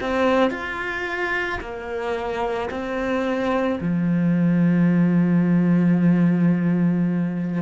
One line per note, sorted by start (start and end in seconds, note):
0.00 0.50 C4
0.50 1.59 F4
1.60 2.69 A#3
2.70 3.79 C4
3.80 7.61 F3